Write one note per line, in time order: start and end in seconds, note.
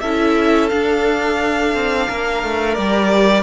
0.00 0.71 C#4
0.00 0.71 E4
0.00 2.07 A4
0.00 0.69 E5
0.69 2.77 D4
0.69 1.74 D4
0.69 2.75 F5
1.74 2.08 C4
2.07 2.43 A#3
2.07 3.43 A#4
2.43 2.78 A3
2.75 3.43 G3
2.75 3.43 G4
2.75 3.43 D5